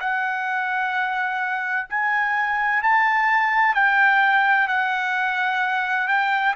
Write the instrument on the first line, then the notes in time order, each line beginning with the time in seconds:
trumpet
0.00 F#5
1.89 G#5
2.83 A5
3.74 G5
4.67 F#5
6.07 G5